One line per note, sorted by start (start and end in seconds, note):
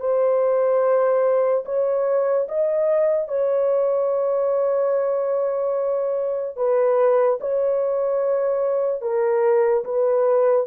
0.00 1.64 C5
1.65 2.47 C#5
2.48 3.28 D#5
3.28 6.56 C#5
6.56 7.39 B4
7.40 9.01 C#5
9.01 9.84 A#4
9.84 10.67 B4